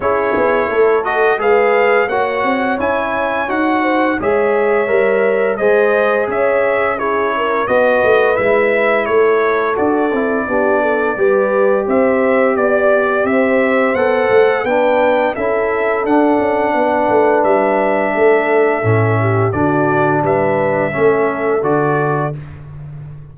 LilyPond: <<
  \new Staff \with { instrumentName = "trumpet" } { \time 4/4 \tempo 4 = 86 cis''4. dis''8 f''4 fis''4 | gis''4 fis''4 e''2 | dis''4 e''4 cis''4 dis''4 | e''4 cis''4 d''2~ |
d''4 e''4 d''4 e''4 | fis''4 g''4 e''4 fis''4~ | fis''4 e''2. | d''4 e''2 d''4 | }
  \new Staff \with { instrumentName = "horn" } { \time 4/4 gis'4 a'4 b'4 cis''4~ | cis''4. c''8 cis''2 | c''4 cis''4 gis'8 ais'8 b'4~ | b'4 a'2 g'8 a'8 |
b'4 c''4 d''4 c''4~ | c''4 b'4 a'2 | b'2 a'4. g'8 | fis'4 b'4 a'2 | }
  \new Staff \with { instrumentName = "trombone" } { \time 4/4 e'4. fis'8 gis'4 fis'4 | e'4 fis'4 gis'4 ais'4 | gis'2 e'4 fis'4 | e'2 fis'8 e'8 d'4 |
g'1 | a'4 d'4 e'4 d'4~ | d'2. cis'4 | d'2 cis'4 fis'4 | }
  \new Staff \with { instrumentName = "tuba" } { \time 4/4 cis'8 b8 a4 gis4 ais8 c'8 | cis'4 dis'4 gis4 g4 | gis4 cis'2 b8 a8 | gis4 a4 d'8 c'8 b4 |
g4 c'4 b4 c'4 | b8 a8 b4 cis'4 d'8 cis'8 | b8 a8 g4 a4 a,4 | d4 g4 a4 d4 | }
>>